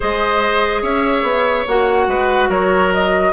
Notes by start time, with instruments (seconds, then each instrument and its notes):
0.00 bassoon G#3, clarinet G#4, oboe C5, flute D#5
0.82 bassoon C#4, oboe C#5, flute E5
1.22 bassoon B3
1.67 bassoon A#3, clarinet F#4, flute F#5
2.07 bassoon G#3, oboe B4
2.48 bassoon F#3, oboe A#4, flute C#5
2.93 flute D#5